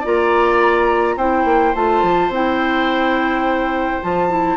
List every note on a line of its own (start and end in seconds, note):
0.00 1.16 A#3
0.00 1.18 F4
0.00 1.14 D5
0.00 1.17 A#5
1.16 1.44 C4
1.16 1.74 E4
1.16 4.56 C5
1.16 1.74 G5
1.44 1.73 A#3
1.74 2.02 A3
1.74 2.31 F4
1.74 2.32 A5
2.02 2.29 F3
2.29 4.00 C4
2.29 4.02 E4
2.29 4.03 G5
4.02 4.56 F3
4.02 4.29 F4
4.02 4.56 A5
4.29 4.56 E4